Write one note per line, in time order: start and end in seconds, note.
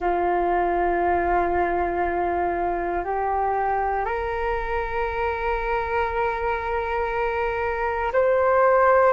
0.00 3.04 F4
3.04 4.04 G4
4.04 8.11 A#4
8.13 9.13 C5